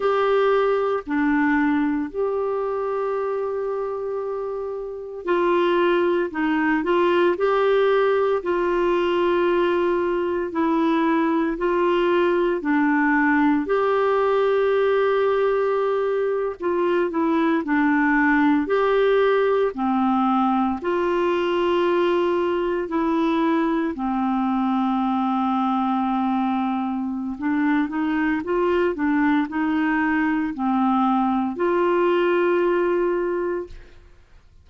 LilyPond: \new Staff \with { instrumentName = "clarinet" } { \time 4/4 \tempo 4 = 57 g'4 d'4 g'2~ | g'4 f'4 dis'8 f'8 g'4 | f'2 e'4 f'4 | d'4 g'2~ g'8. f'16~ |
f'16 e'8 d'4 g'4 c'4 f'16~ | f'4.~ f'16 e'4 c'4~ c'16~ | c'2 d'8 dis'8 f'8 d'8 | dis'4 c'4 f'2 | }